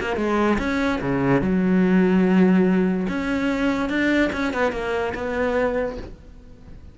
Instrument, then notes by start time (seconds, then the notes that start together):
cello
0.00 A#3
0.16 G#3
0.58 C#4
1.01 C#3
1.41 F#3
3.08 C#4
3.89 D4
4.32 C#4
4.53 B3
4.72 A#3
5.14 B3